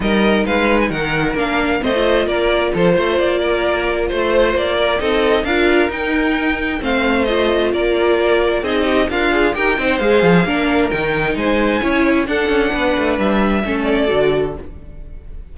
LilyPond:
<<
  \new Staff \with { instrumentName = "violin" } { \time 4/4 \tempo 4 = 132 dis''4 f''8. gis''16 fis''4 f''4 | dis''4 d''4 c''4 d''4~ | d''4 c''4 d''4 dis''4 | f''4 g''2 f''4 |
dis''4 d''2 dis''4 | f''4 g''4 f''2 | g''4 gis''2 fis''4~ | fis''4 e''4. d''4. | }
  \new Staff \with { instrumentName = "violin" } { \time 4/4 ais'4 b'4 ais'2 | c''4 ais'4 a'8 c''4 ais'8~ | ais'4 c''4. ais'8 a'4 | ais'2. c''4~ |
c''4 ais'2 gis'8 g'8 | f'4 ais'8 c''4. ais'4~ | ais'4 c''4 cis''4 a'4 | b'2 a'2 | }
  \new Staff \with { instrumentName = "viola" } { \time 4/4 dis'2. d'4 | c'16 f'2.~ f'8.~ | f'2. dis'4 | f'4 dis'2 c'4 |
f'2. dis'4 | ais'8 gis'8 g'8 dis'8 gis'4 d'4 | dis'2 e'4 d'4~ | d'2 cis'4 fis'4 | }
  \new Staff \with { instrumentName = "cello" } { \time 4/4 g4 gis4 dis4 ais4 | a4 ais4 f8 a8 ais4~ | ais4 a4 ais4 c'4 | d'4 dis'2 a4~ |
a4 ais2 c'4 | d'4 dis'8 c'8 gis8 f8 ais4 | dis4 gis4 cis'4 d'8 cis'8 | b8 a8 g4 a4 d4 | }
>>